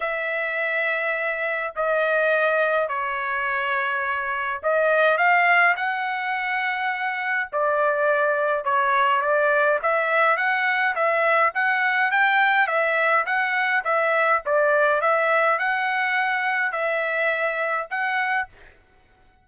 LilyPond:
\new Staff \with { instrumentName = "trumpet" } { \time 4/4 \tempo 4 = 104 e''2. dis''4~ | dis''4 cis''2. | dis''4 f''4 fis''2~ | fis''4 d''2 cis''4 |
d''4 e''4 fis''4 e''4 | fis''4 g''4 e''4 fis''4 | e''4 d''4 e''4 fis''4~ | fis''4 e''2 fis''4 | }